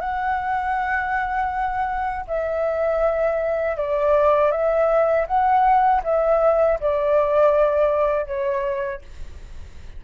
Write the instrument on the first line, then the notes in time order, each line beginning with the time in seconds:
flute
0.00 F#5
2.27 E5
3.77 D5
4.51 E5
5.26 F#5
6.03 E5
6.80 D5
8.26 C#5